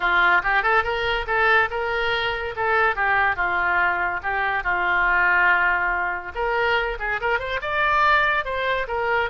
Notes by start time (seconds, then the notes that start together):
0.00 F4
0.43 G4
0.62 A4
0.83 A#4
1.26 A4
1.70 A#4
2.56 A4
2.95 G4
3.36 F4
4.22 G4
4.63 F4
6.34 A#4
6.99 G#4
7.20 A#4
7.39 C5
7.61 D5
8.44 C5
8.87 A#4